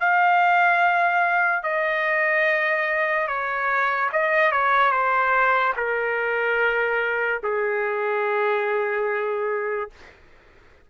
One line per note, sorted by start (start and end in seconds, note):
0.00 1.63 F5
1.63 3.28 D#5
3.28 4.10 C#5
4.12 4.52 D#5
4.52 4.91 C#5
4.91 5.73 C5
5.76 7.41 A#4
7.43 9.90 G#4